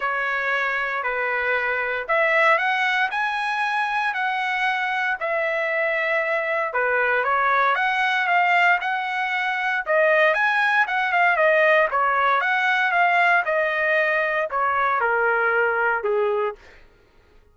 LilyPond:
\new Staff \with { instrumentName = "trumpet" } { \time 4/4 \tempo 4 = 116 cis''2 b'2 | e''4 fis''4 gis''2 | fis''2 e''2~ | e''4 b'4 cis''4 fis''4 |
f''4 fis''2 dis''4 | gis''4 fis''8 f''8 dis''4 cis''4 | fis''4 f''4 dis''2 | cis''4 ais'2 gis'4 | }